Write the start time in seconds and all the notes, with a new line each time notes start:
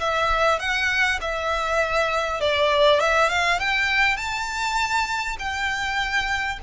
0.00 E5
0.60 F#5
1.21 E5
2.41 D5
3.01 E5
3.30 F5
3.60 G5
4.17 A5
5.39 G5